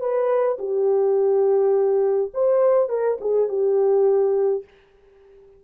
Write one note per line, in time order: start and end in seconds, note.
0.00 0.58 B4
0.58 2.31 G4
2.33 2.89 C5
2.89 3.18 A#4
3.20 3.48 G#4
3.48 4.64 G4